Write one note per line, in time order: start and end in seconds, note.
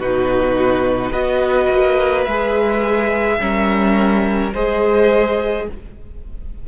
0.00 1.12 B2
0.00 1.13 D#4
0.00 1.12 F#4
0.00 1.13 B4
1.12 1.69 B3
1.12 2.27 F#4
1.12 3.38 B4
1.12 2.25 D#5
1.70 2.27 A#3
2.25 3.40 G#3
2.25 3.40 G#4
2.25 4.52 E5
3.40 4.53 G3
3.40 4.54 C#4
3.40 4.54 A#4
4.54 5.69 G#3
4.54 5.68 G#4
4.54 5.67 C5
4.54 5.68 D#5